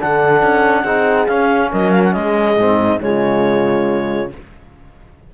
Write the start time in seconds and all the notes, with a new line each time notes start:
0.00 D3 D4 A4 F#5
0.43 C#4
0.82 C4 D#4 G#4
1.27 C#4 F5
1.71 F#3 A#4 D#5
1.91 F5
2.04 F#5
2.13 G#3 G#4 D#5
2.57 G#2 C4
2.80 D#4
3.01 C#3 G#3 F4 C#5